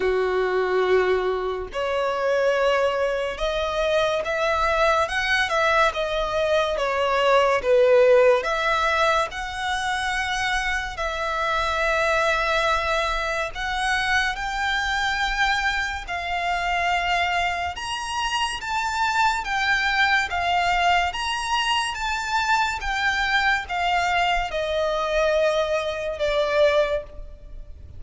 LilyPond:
\new Staff \with { instrumentName = "violin" } { \time 4/4 \tempo 4 = 71 fis'2 cis''2 | dis''4 e''4 fis''8 e''8 dis''4 | cis''4 b'4 e''4 fis''4~ | fis''4 e''2. |
fis''4 g''2 f''4~ | f''4 ais''4 a''4 g''4 | f''4 ais''4 a''4 g''4 | f''4 dis''2 d''4 | }